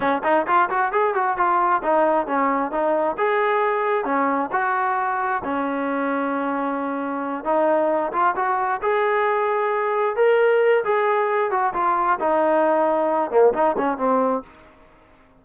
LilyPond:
\new Staff \with { instrumentName = "trombone" } { \time 4/4 \tempo 4 = 133 cis'8 dis'8 f'8 fis'8 gis'8 fis'8 f'4 | dis'4 cis'4 dis'4 gis'4~ | gis'4 cis'4 fis'2 | cis'1~ |
cis'8 dis'4. f'8 fis'4 gis'8~ | gis'2~ gis'8 ais'4. | gis'4. fis'8 f'4 dis'4~ | dis'4. ais8 dis'8 cis'8 c'4 | }